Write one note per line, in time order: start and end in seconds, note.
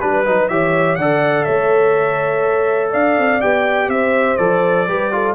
0.00 0.27 G3
0.00 0.25 D4
0.00 0.48 B4
0.00 0.51 B4
0.25 0.49 F#3
0.25 0.50 D#4
0.48 0.98 E3
0.48 0.99 G4
0.48 0.98 C#5
0.48 0.95 E5
0.95 1.46 D3
0.95 3.41 A4
0.95 1.46 D5
0.95 1.44 F#5
1.44 2.94 A3
1.44 2.91 C#5
1.44 2.90 E5
2.91 3.18 D4
2.91 3.89 D5
2.91 3.41 F5
3.18 3.42 C4
3.41 3.88 B3
3.41 4.38 G4
3.41 3.90 G5
3.88 4.37 C4
3.88 4.88 C5
3.88 4.37 E5
4.37 4.88 F3
4.37 4.87 A4
4.37 5.34 D5
4.88 5.35 G3
4.88 5.12 G4
4.88 5.12 B4
5.12 5.35 F4
5.12 5.35 A4